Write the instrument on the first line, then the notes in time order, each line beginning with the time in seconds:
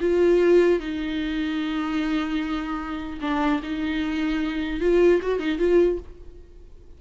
viola
0.00 F4
0.79 D#4
3.21 D4
3.63 D#4
4.80 F4
5.22 F#4
5.39 D#4
5.58 F4